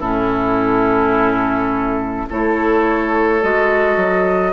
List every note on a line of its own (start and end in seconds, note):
0.00 2.27 A2
0.00 2.29 C#4
0.00 2.26 E4
0.00 2.28 A4
2.30 3.43 A3
2.30 3.42 E4
2.30 4.53 A4
2.30 3.44 C#5
3.42 3.97 G#3
3.42 4.53 F#4
3.42 4.53 D#5
3.97 4.53 F#3